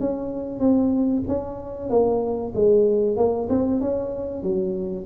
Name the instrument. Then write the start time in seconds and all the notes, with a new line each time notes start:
tuba
0.00 C#4
0.60 C4
1.28 C#4
1.90 A#3
2.55 G#3
3.17 A#3
3.49 C4
3.81 C#4
4.43 F#3